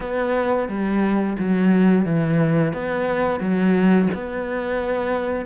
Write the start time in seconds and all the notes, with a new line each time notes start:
0.00 B3
0.68 G3
1.39 F#3
2.05 E3
2.73 B3
3.40 F#3
4.14 B3